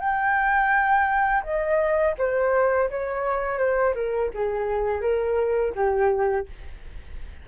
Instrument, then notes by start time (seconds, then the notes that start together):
flute
0.00 G5
1.43 D#5
2.18 C5
2.90 C#5
3.58 C5
3.95 A#4
4.34 G#4
5.01 A#4
5.75 G4